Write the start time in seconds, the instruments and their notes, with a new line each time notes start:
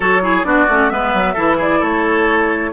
0.00 bassoon F#3, clarinet F#4, oboe A4, flute C#5
0.22 clarinet E4, oboe G#4
0.44 bassoon B3, clarinet D4, oboe F#4, flute D5
0.68 bassoon A3, clarinet C#4
0.89 bassoon G#3, clarinet B3, oboe B4, flute E5
1.13 bassoon F#3
1.34 bassoon E3, clarinet E4, oboe A4
1.57 oboe G#4, flute D5
1.79 bassoon A3, oboe A4, flute C#5